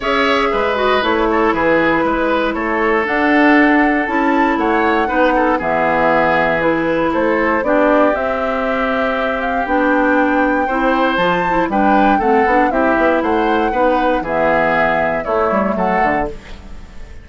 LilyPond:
<<
  \new Staff \with { instrumentName = "flute" } { \time 4/4 \tempo 4 = 118 e''4. dis''8 cis''4 b'4~ | b'4 cis''4 fis''2 | a''4 fis''2 e''4~ | e''4 b'4 c''4 d''4 |
e''2~ e''8 f''8 g''4~ | g''2 a''4 g''4 | fis''4 e''4 fis''2 | e''2 cis''4 fis''4 | }
  \new Staff \with { instrumentName = "oboe" } { \time 4/4 cis''4 b'4. a'8 gis'4 | b'4 a'2.~ | a'4 cis''4 b'8 a'8 gis'4~ | gis'2 a'4 g'4~ |
g'1~ | g'4 c''2 b'4 | a'4 g'4 c''4 b'4 | gis'2 e'4 a'4 | }
  \new Staff \with { instrumentName = "clarinet" } { \time 4/4 gis'4. fis'8 e'2~ | e'2 d'2 | e'2 dis'4 b4~ | b4 e'2 d'4 |
c'2. d'4~ | d'4 e'4 f'8 e'8 d'4 | c'8 d'8 e'2 dis'4 | b2 a2 | }
  \new Staff \with { instrumentName = "bassoon" } { \time 4/4 cis'4 gis4 a4 e4 | gis4 a4 d'2 | cis'4 a4 b4 e4~ | e2 a4 b4 |
c'2. b4~ | b4 c'4 f4 g4 | a8 b8 c'8 b8 a4 b4 | e2 a8 g8 fis8 d8 | }
>>